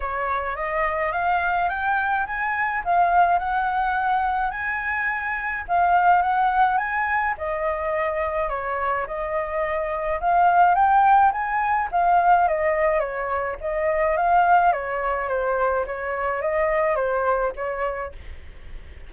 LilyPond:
\new Staff \with { instrumentName = "flute" } { \time 4/4 \tempo 4 = 106 cis''4 dis''4 f''4 g''4 | gis''4 f''4 fis''2 | gis''2 f''4 fis''4 | gis''4 dis''2 cis''4 |
dis''2 f''4 g''4 | gis''4 f''4 dis''4 cis''4 | dis''4 f''4 cis''4 c''4 | cis''4 dis''4 c''4 cis''4 | }